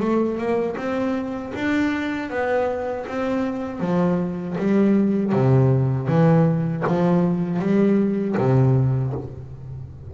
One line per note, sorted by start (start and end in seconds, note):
0.00 0.38 A3
0.38 0.76 A#3
0.77 1.53 C4
1.55 2.30 D4
2.30 3.06 B3
3.07 3.80 C4
3.80 4.56 F3
4.58 5.32 G3
5.32 6.08 C3
6.08 6.84 E3
6.87 7.59 F3
7.59 8.35 G3
8.38 9.13 C3